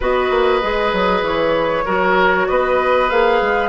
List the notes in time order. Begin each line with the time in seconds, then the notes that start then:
0.00 B3 F#4 B4 D#5
0.30 A#3
0.61 G#3 G#4
0.92 F#3
1.22 E3 C#5
1.85 F#3 F#4 A#4
2.48 B3 B4 D#5
3.09 A#3 G#4 F5
3.41 G#3